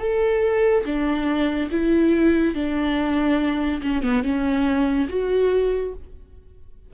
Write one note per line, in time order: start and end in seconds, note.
0.00 0.85 A4
0.85 1.70 D4
1.71 2.55 E4
2.55 3.82 D4
3.83 4.03 C#4
4.03 4.23 B3
4.23 5.08 C#4
5.09 5.93 F#4